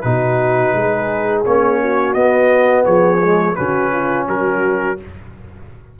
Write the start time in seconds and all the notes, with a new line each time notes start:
0.00 B2 D#4 F#4 B4
0.73 G#3 G#4
1.45 A#3 C#4 C#5
1.80 F#4
2.13 B3 D#5
2.84 F3 G#4 C#5
3.22 G#3
3.55 C#3 C#4 F#4 B4
3.91 F4
4.27 F#3 F#4 A#4